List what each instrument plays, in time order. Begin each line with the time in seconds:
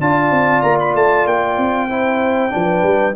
0.00 tuba D4, trombone F4, horn D5, trumpet A5
0.30 tuba C4
0.61 tuba A#3, trumpet A#5
0.79 trumpet B5
0.94 tuba A3, trumpet A5
1.26 tuba A#3, trumpet G5
1.57 tuba C4
1.89 trombone E4, horn C5
2.50 tuba F3, trombone D4, horn B4
2.82 tuba G3